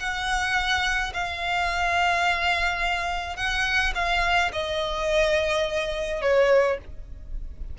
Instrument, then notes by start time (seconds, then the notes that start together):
violin
0.00 F#5
1.14 F5
3.37 F#5
3.95 F5
4.53 D#5
6.22 C#5